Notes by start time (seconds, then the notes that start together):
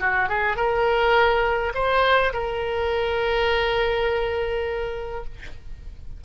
0.00 F#4
0.28 G#4
0.56 A#4
1.74 C5
2.33 A#4